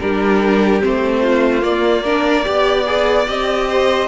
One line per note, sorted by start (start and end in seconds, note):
0.00 0.83 G3
0.00 0.81 D4
0.00 1.22 G4
0.00 0.82 A#4
0.81 1.63 A3
0.81 1.61 C4
0.81 1.64 C5
1.22 2.04 F4
1.61 2.02 A#3
1.61 2.45 A#3
1.61 3.28 D5
2.04 2.44 D4
2.04 2.45 A#4
2.44 3.29 B3
2.44 2.85 G4
2.44 3.68 D5
2.86 3.27 G#4
3.27 4.08 C4
3.27 4.08 G4
3.27 4.08 D#5
3.69 4.08 C5